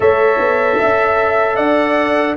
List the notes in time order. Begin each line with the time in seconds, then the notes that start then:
0.00 A3 A4 C#5 E5
0.38 B3
0.79 C#4 E5
1.56 D4 D5 F#5